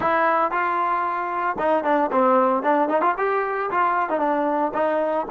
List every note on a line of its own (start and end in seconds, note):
0.00 0.51 E4
0.51 1.56 F4
1.59 1.84 D#4
1.84 2.10 D4
2.11 2.62 C4
2.62 2.89 D4
2.89 3.01 D#4
3.01 3.14 F4
3.17 3.70 G4
3.70 4.09 F4
4.09 4.19 D#4
4.19 4.72 D4
4.73 5.26 D#4